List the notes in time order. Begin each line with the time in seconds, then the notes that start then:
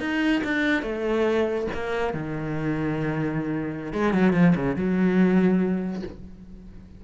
0.00 D#4
0.44 D4
0.83 A3
1.74 A#3
2.14 D#3
3.93 G#3
4.14 F#3
4.33 F3
4.56 C#3
4.76 F#3